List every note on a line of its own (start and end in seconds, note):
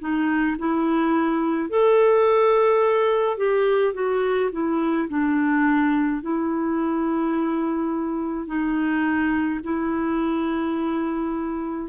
0.00 0.57 D#4
0.59 1.70 E4
1.70 3.38 A4
3.38 3.94 G4
3.94 4.51 F#4
4.52 5.09 E4
5.09 6.22 D4
6.22 8.47 E4
8.47 9.60 D#4
9.64 11.89 E4